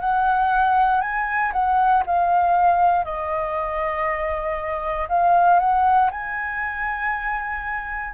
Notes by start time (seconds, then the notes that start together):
0.00 F#5
1.01 G#5
1.53 F#5
2.06 F5
3.04 D#5
5.08 F5
5.59 F#5
6.11 G#5